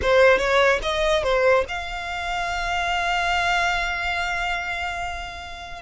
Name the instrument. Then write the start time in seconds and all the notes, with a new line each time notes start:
violin
0.02 C5
0.38 C#5
0.82 D#5
1.23 C5
1.68 F5